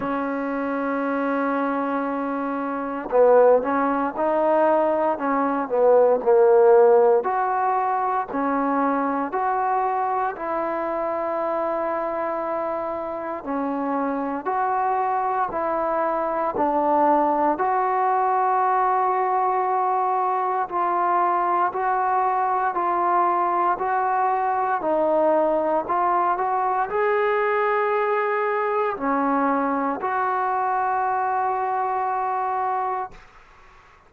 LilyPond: \new Staff \with { instrumentName = "trombone" } { \time 4/4 \tempo 4 = 58 cis'2. b8 cis'8 | dis'4 cis'8 b8 ais4 fis'4 | cis'4 fis'4 e'2~ | e'4 cis'4 fis'4 e'4 |
d'4 fis'2. | f'4 fis'4 f'4 fis'4 | dis'4 f'8 fis'8 gis'2 | cis'4 fis'2. | }